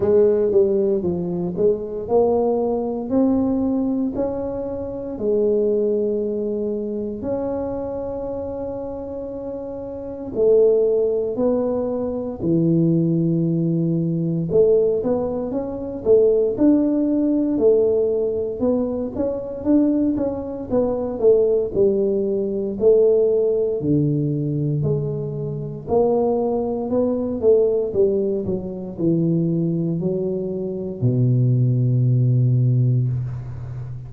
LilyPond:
\new Staff \with { instrumentName = "tuba" } { \time 4/4 \tempo 4 = 58 gis8 g8 f8 gis8 ais4 c'4 | cis'4 gis2 cis'4~ | cis'2 a4 b4 | e2 a8 b8 cis'8 a8 |
d'4 a4 b8 cis'8 d'8 cis'8 | b8 a8 g4 a4 d4 | gis4 ais4 b8 a8 g8 fis8 | e4 fis4 b,2 | }